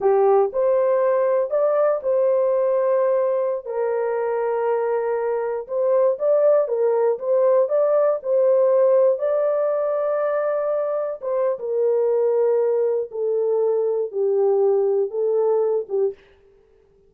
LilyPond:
\new Staff \with { instrumentName = "horn" } { \time 4/4 \tempo 4 = 119 g'4 c''2 d''4 | c''2.~ c''16 ais'8.~ | ais'2.~ ais'16 c''8.~ | c''16 d''4 ais'4 c''4 d''8.~ |
d''16 c''2 d''4.~ d''16~ | d''2~ d''16 c''8. ais'4~ | ais'2 a'2 | g'2 a'4. g'8 | }